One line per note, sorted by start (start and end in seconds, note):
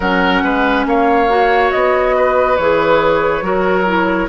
0.00 0.42 F#3
0.00 1.28 C#4
0.00 0.43 A#4
0.00 0.85 F#5
0.43 0.85 G#3
0.43 0.86 B4
0.85 1.71 A#3
0.85 2.16 C#5
0.85 1.71 F5
1.28 2.56 F#4
1.71 2.58 B3
1.71 2.56 D#5
2.16 3.44 B4
2.56 3.41 E3
2.56 3.42 G#4
2.56 4.28 C#5
3.41 4.27 F#3
3.41 3.85 F#4
3.41 4.29 A#4
3.86 4.29 E4